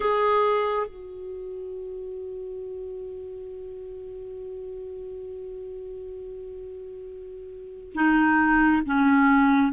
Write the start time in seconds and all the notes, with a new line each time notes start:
0.00 G#4
0.86 F#4
7.94 D#4
8.85 C#4